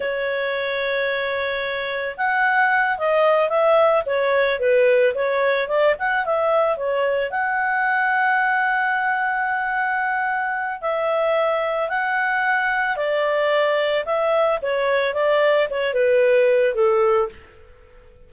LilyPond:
\new Staff \with { instrumentName = "clarinet" } { \time 4/4 \tempo 4 = 111 cis''1 | fis''4. dis''4 e''4 cis''8~ | cis''8 b'4 cis''4 d''8 fis''8 e''8~ | e''8 cis''4 fis''2~ fis''8~ |
fis''1 | e''2 fis''2 | d''2 e''4 cis''4 | d''4 cis''8 b'4. a'4 | }